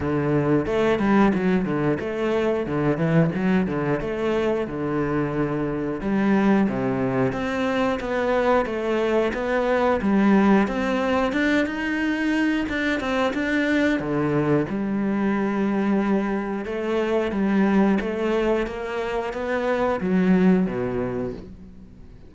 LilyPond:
\new Staff \with { instrumentName = "cello" } { \time 4/4 \tempo 4 = 90 d4 a8 g8 fis8 d8 a4 | d8 e8 fis8 d8 a4 d4~ | d4 g4 c4 c'4 | b4 a4 b4 g4 |
c'4 d'8 dis'4. d'8 c'8 | d'4 d4 g2~ | g4 a4 g4 a4 | ais4 b4 fis4 b,4 | }